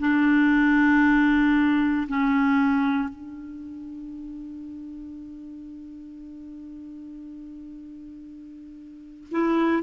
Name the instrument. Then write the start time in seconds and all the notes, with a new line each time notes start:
clarinet
0.00 D4
2.08 C#4
3.09 D4
9.31 E4